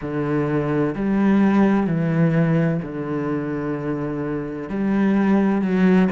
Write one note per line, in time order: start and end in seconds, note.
0.01 0.95 D3
0.95 1.87 G3
1.87 2.80 E3
2.82 4.69 D3
4.69 5.61 G3
5.61 6.08 F#3